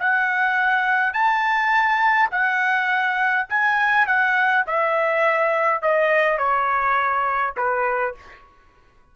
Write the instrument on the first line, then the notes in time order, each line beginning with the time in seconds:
trumpet
0.00 F#5
1.14 A5
2.31 F#5
3.50 G#5
4.07 F#5
4.67 E5
5.82 D#5
6.39 C#5
7.57 B4